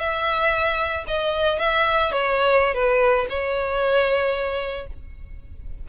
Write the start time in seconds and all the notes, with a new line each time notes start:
0.00 E5
1.08 D#5
1.60 E5
2.12 C#5
2.75 B4
3.30 C#5